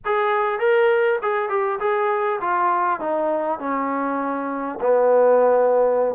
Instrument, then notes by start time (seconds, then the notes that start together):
trombone
0.05 G#4
0.59 A#4
1.22 G#4
1.49 G4
1.79 G#4
2.40 F4
3.00 D#4
3.59 C#4
4.80 B3